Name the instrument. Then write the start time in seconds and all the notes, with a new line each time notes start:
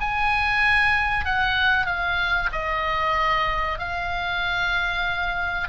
oboe
0.00 G#5
1.25 F#5
1.86 F5
2.52 D#5
3.79 F5